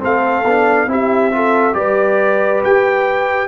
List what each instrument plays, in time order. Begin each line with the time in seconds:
0.00 tuba A3, trombone C4, horn A4, trumpet F5
0.45 tuba B3, trombone D4
0.87 tuba C4, trombone E4, horn G4, trumpet E5
1.32 trombone F4, horn A4
1.73 tuba G3, trombone G4, horn B4, trumpet D5
2.64 tuba G4, trumpet G5